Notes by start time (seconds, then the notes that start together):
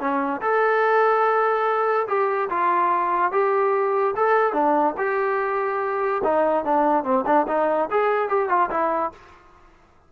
0.00 C#4
0.42 A4
2.08 G4
2.50 F4
3.32 G4
4.17 A4
4.53 D4
4.98 G4
6.24 D#4
6.65 D4
7.04 C4
7.26 D4
7.48 D#4
7.91 G#4
8.29 G4
8.49 F4
8.70 E4